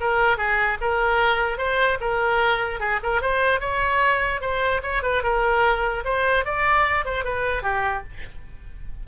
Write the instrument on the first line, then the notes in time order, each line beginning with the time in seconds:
oboe
0.00 A#4
0.37 G#4
0.81 A#4
1.58 C5
2.00 A#4
2.79 G#4
3.03 A#4
3.21 C5
3.60 C#5
4.41 C5
4.82 C#5
5.02 B4
5.23 A#4
6.04 C5
6.45 D5
7.05 C5
7.24 B4
7.63 G4